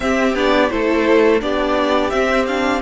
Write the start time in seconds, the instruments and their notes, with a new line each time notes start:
0.00 cello C4, viola C4, violin G4 E5
0.34 cello B3, viola D4, violin D5
0.69 cello A3, viola E4, violin A4 C5
1.40 cello B3, viola D4, violin G4 D5
2.10 viola C4, cello C4, violin E5
2.46 viola D4, violin F5